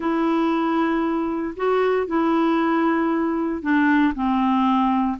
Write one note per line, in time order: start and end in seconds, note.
0.00 1.54 E4
1.56 2.06 F#4
2.06 3.62 E4
3.62 4.13 D4
4.14 5.18 C4